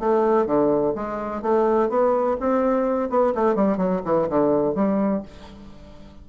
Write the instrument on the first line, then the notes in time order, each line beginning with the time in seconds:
bassoon
0.00 A3
0.47 D3
0.96 G#3
1.42 A3
1.90 B3
2.40 C4
3.10 B3
3.35 A3
3.56 G3
3.78 F#3
4.05 E3
4.29 D3
4.75 G3